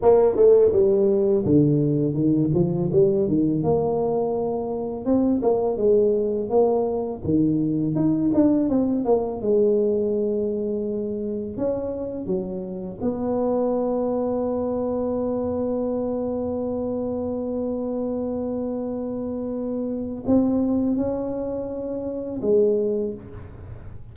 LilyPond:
\new Staff \with { instrumentName = "tuba" } { \time 4/4 \tempo 4 = 83 ais8 a8 g4 d4 dis8 f8 | g8 dis8 ais2 c'8 ais8 | gis4 ais4 dis4 dis'8 d'8 | c'8 ais8 gis2. |
cis'4 fis4 b2~ | b1~ | b1 | c'4 cis'2 gis4 | }